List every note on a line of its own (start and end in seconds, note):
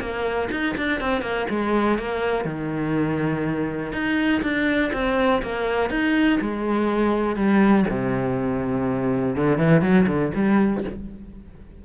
0.00 0.49 A#3
0.51 0.75 D#4
0.77 1.00 D4
1.00 1.22 C4
1.22 1.46 A#3
1.49 1.98 G#3
1.98 2.45 A#3
2.45 3.92 D#3
3.92 4.42 D#4
4.42 4.91 D4
4.93 5.42 C4
5.42 5.90 A#3
5.90 6.39 D#4
6.41 7.36 G#3
7.36 7.85 G3
7.89 9.36 C3
9.36 9.57 D3
9.57 9.81 E3
9.81 10.06 F#3
10.07 10.31 D3
10.34 10.84 G3